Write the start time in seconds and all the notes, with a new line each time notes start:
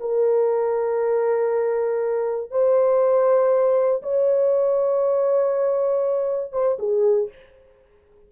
0.00 A#4
2.51 C5
4.02 C#5
6.53 C5
6.79 G#4